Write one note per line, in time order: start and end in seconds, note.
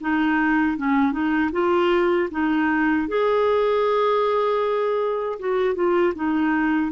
0.00 0.77 D#4
0.77 1.12 C#4
1.12 1.50 D#4
1.52 2.29 F4
2.30 3.07 D#4
3.08 5.38 G#4
5.39 5.74 F#4
5.74 6.13 F4
6.15 6.92 D#4